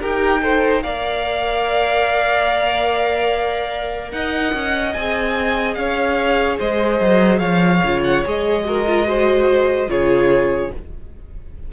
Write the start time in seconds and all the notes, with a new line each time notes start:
0.00 D#4 G4 A#4 G5
0.41 A4 C5
0.82 A#3 A#4 D5 F5
4.11 D#4 D#5 F#5
4.53 C#4
4.93 C4 G#4 G#5
5.74 C#4 C#5 F5
6.59 G#3 C5 D#5
7.00 F#3
7.39 F3 C#5 F5
7.83 C#3 F4
8.03 F#5
8.25 G#3 G#4 D#5
8.64 F#4 A#4
8.86 F4
9.06 F#4 C5
9.88 C#3 F4 G#4 C#5